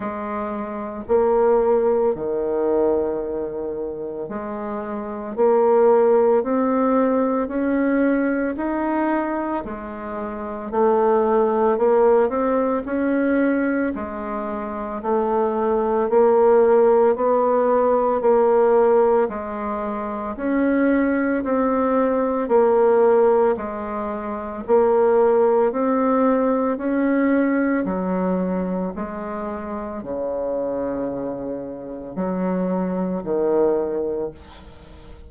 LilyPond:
\new Staff \with { instrumentName = "bassoon" } { \time 4/4 \tempo 4 = 56 gis4 ais4 dis2 | gis4 ais4 c'4 cis'4 | dis'4 gis4 a4 ais8 c'8 | cis'4 gis4 a4 ais4 |
b4 ais4 gis4 cis'4 | c'4 ais4 gis4 ais4 | c'4 cis'4 fis4 gis4 | cis2 fis4 dis4 | }